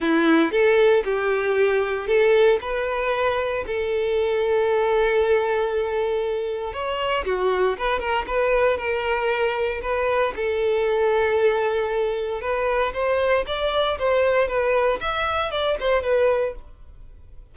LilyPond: \new Staff \with { instrumentName = "violin" } { \time 4/4 \tempo 4 = 116 e'4 a'4 g'2 | a'4 b'2 a'4~ | a'1~ | a'4 cis''4 fis'4 b'8 ais'8 |
b'4 ais'2 b'4 | a'1 | b'4 c''4 d''4 c''4 | b'4 e''4 d''8 c''8 b'4 | }